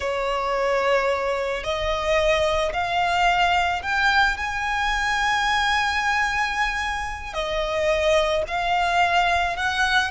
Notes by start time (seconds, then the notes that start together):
0.00 C#5
1.63 D#5
2.73 F5
3.82 G5
4.37 G#5
7.33 D#5
8.47 F5
9.56 F#5